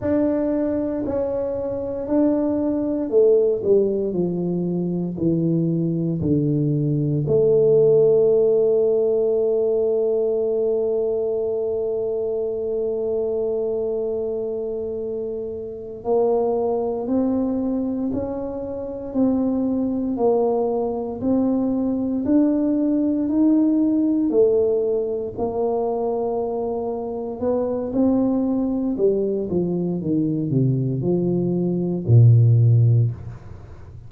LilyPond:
\new Staff \with { instrumentName = "tuba" } { \time 4/4 \tempo 4 = 58 d'4 cis'4 d'4 a8 g8 | f4 e4 d4 a4~ | a1~ | a2.~ a8 ais8~ |
ais8 c'4 cis'4 c'4 ais8~ | ais8 c'4 d'4 dis'4 a8~ | a8 ais2 b8 c'4 | g8 f8 dis8 c8 f4 ais,4 | }